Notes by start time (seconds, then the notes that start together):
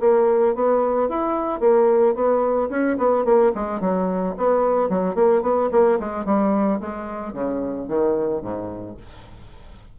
0.00 A#3
0.55 B3
1.09 E4
1.60 A#3
2.15 B3
2.70 C#4
2.98 B3
3.25 A#3
3.55 G#3
3.81 F#3
4.37 B3
4.89 F#3
5.15 A#3
5.42 B3
5.71 A#3
6.00 G#3
6.25 G3
6.80 G#3
7.33 C#3
7.88 D#3
8.42 G#2